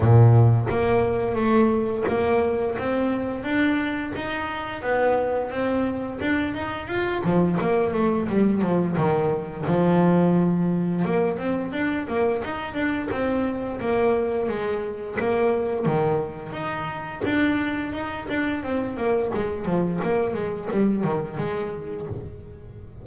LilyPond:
\new Staff \with { instrumentName = "double bass" } { \time 4/4 \tempo 4 = 87 ais,4 ais4 a4 ais4 | c'4 d'4 dis'4 b4 | c'4 d'8 dis'8 f'8 f8 ais8 a8 | g8 f8 dis4 f2 |
ais8 c'8 d'8 ais8 dis'8 d'8 c'4 | ais4 gis4 ais4 dis4 | dis'4 d'4 dis'8 d'8 c'8 ais8 | gis8 f8 ais8 gis8 g8 dis8 gis4 | }